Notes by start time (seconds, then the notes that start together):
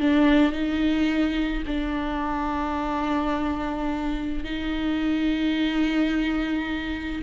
0.00 D4
0.53 D#4
1.67 D4
4.44 D#4